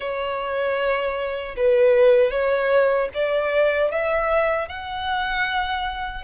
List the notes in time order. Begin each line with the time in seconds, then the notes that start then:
0.00 C#5
1.56 B4
2.31 C#5
3.14 D5
3.91 E5
4.68 F#5